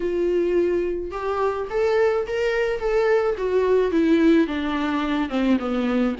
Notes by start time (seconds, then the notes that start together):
0.00 F4
1.11 G4
1.70 A4
2.27 A#4
2.79 A4
3.37 F#4
3.91 E4
4.47 D4
5.29 C4
5.59 B3